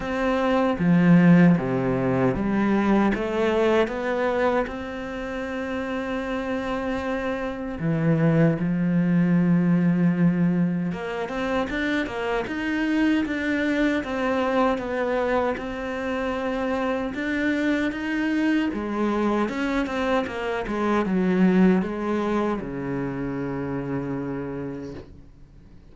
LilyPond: \new Staff \with { instrumentName = "cello" } { \time 4/4 \tempo 4 = 77 c'4 f4 c4 g4 | a4 b4 c'2~ | c'2 e4 f4~ | f2 ais8 c'8 d'8 ais8 |
dis'4 d'4 c'4 b4 | c'2 d'4 dis'4 | gis4 cis'8 c'8 ais8 gis8 fis4 | gis4 cis2. | }